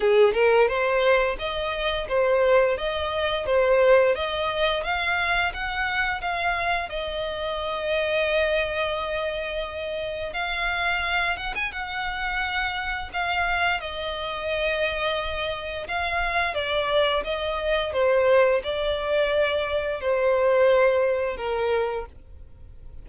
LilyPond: \new Staff \with { instrumentName = "violin" } { \time 4/4 \tempo 4 = 87 gis'8 ais'8 c''4 dis''4 c''4 | dis''4 c''4 dis''4 f''4 | fis''4 f''4 dis''2~ | dis''2. f''4~ |
f''8 fis''16 gis''16 fis''2 f''4 | dis''2. f''4 | d''4 dis''4 c''4 d''4~ | d''4 c''2 ais'4 | }